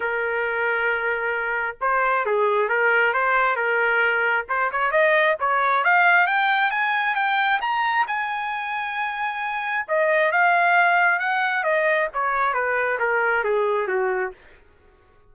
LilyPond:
\new Staff \with { instrumentName = "trumpet" } { \time 4/4 \tempo 4 = 134 ais'1 | c''4 gis'4 ais'4 c''4 | ais'2 c''8 cis''8 dis''4 | cis''4 f''4 g''4 gis''4 |
g''4 ais''4 gis''2~ | gis''2 dis''4 f''4~ | f''4 fis''4 dis''4 cis''4 | b'4 ais'4 gis'4 fis'4 | }